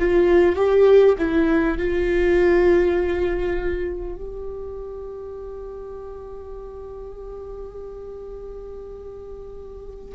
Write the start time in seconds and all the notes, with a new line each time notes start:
0.00 F4
0.56 G4
1.18 E4
1.78 F4
4.16 G4